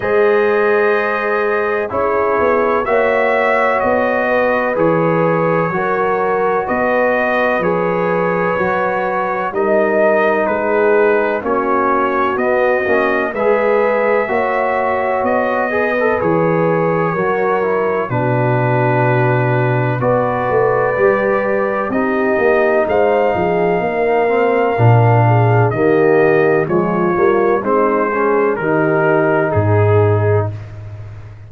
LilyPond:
<<
  \new Staff \with { instrumentName = "trumpet" } { \time 4/4 \tempo 4 = 63 dis''2 cis''4 e''4 | dis''4 cis''2 dis''4 | cis''2 dis''4 b'4 | cis''4 dis''4 e''2 |
dis''4 cis''2 b'4~ | b'4 d''2 dis''4 | f''2. dis''4 | cis''4 c''4 ais'4 gis'4 | }
  \new Staff \with { instrumentName = "horn" } { \time 4/4 c''2 gis'4 cis''4~ | cis''8 b'4. ais'4 b'4~ | b'2 ais'4 gis'4 | fis'2 b'4 cis''4~ |
cis''8 b'4. ais'4 fis'4~ | fis'4 b'2 g'4 | c''8 gis'8 ais'4. gis'8 g'4 | f'4 dis'8 gis'8 g'4 gis'4 | }
  \new Staff \with { instrumentName = "trombone" } { \time 4/4 gis'2 e'4 fis'4~ | fis'4 gis'4 fis'2 | gis'4 fis'4 dis'2 | cis'4 b8 cis'8 gis'4 fis'4~ |
fis'8 gis'16 a'16 gis'4 fis'8 e'8 d'4~ | d'4 fis'4 g'4 dis'4~ | dis'4. c'8 d'4 ais4 | gis8 ais8 c'8 cis'8 dis'2 | }
  \new Staff \with { instrumentName = "tuba" } { \time 4/4 gis2 cis'8 b8 ais4 | b4 e4 fis4 b4 | f4 fis4 g4 gis4 | ais4 b8 ais8 gis4 ais4 |
b4 e4 fis4 b,4~ | b,4 b8 a8 g4 c'8 ais8 | gis8 f8 ais4 ais,4 dis4 | f8 g8 gis4 dis4 gis,4 | }
>>